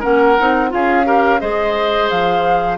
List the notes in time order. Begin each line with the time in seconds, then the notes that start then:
0.00 A#3 C#4 A#4 F#5
0.39 C4 D#4
0.69 C#4 F4 G#4 F5
1.05 G4 A#4
1.40 G#3 G#4 C5 D#5
2.10 F3 F5